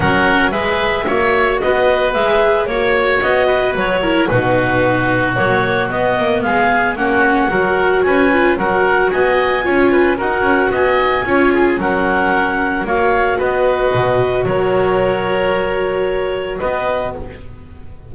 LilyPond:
<<
  \new Staff \with { instrumentName = "clarinet" } { \time 4/4 \tempo 4 = 112 fis''4 e''2 dis''4 | e''4 cis''4 dis''4 cis''4 | b'2 cis''4 dis''4 | f''4 fis''2 gis''4 |
fis''4 gis''2 fis''4 | gis''2 fis''2 | f''4 dis''2 cis''4~ | cis''2. dis''4 | }
  \new Staff \with { instrumentName = "oboe" } { \time 4/4 ais'4 b'4 cis''4 b'4~ | b'4 cis''4. b'4 ais'8 | fis'1 | gis'4 fis'4 ais'4 b'4 |
ais'4 dis''4 cis''8 b'8 ais'4 | dis''4 cis''8 gis'8 ais'2 | cis''4 b'2 ais'4~ | ais'2. b'4 | }
  \new Staff \with { instrumentName = "viola" } { \time 4/4 cis'4 gis'4 fis'2 | gis'4 fis'2~ fis'8 e'8 | dis'2 ais4 b4~ | b4 cis'4 fis'4. f'8 |
fis'2 f'4 fis'4~ | fis'4 f'4 cis'2 | fis'1~ | fis'1 | }
  \new Staff \with { instrumentName = "double bass" } { \time 4/4 fis4 gis4 ais4 b4 | gis4 ais4 b4 fis4 | b,2 fis4 b8 ais8 | gis4 ais4 fis4 cis'4 |
fis4 b4 cis'4 dis'8 cis'8 | b4 cis'4 fis2 | ais4 b4 b,4 fis4~ | fis2. b4 | }
>>